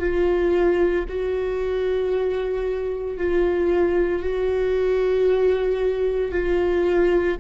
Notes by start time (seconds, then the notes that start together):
0.00 F4
1.09 F#4
3.17 F4
4.23 F#4
6.32 F4